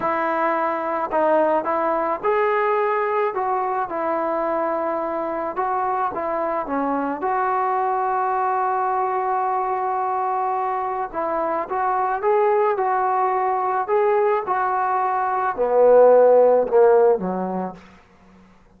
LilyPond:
\new Staff \with { instrumentName = "trombone" } { \time 4/4 \tempo 4 = 108 e'2 dis'4 e'4 | gis'2 fis'4 e'4~ | e'2 fis'4 e'4 | cis'4 fis'2.~ |
fis'1 | e'4 fis'4 gis'4 fis'4~ | fis'4 gis'4 fis'2 | b2 ais4 fis4 | }